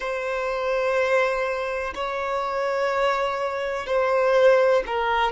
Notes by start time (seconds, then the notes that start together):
0.00 C5
1.94 C#5
3.86 C5
4.86 A#4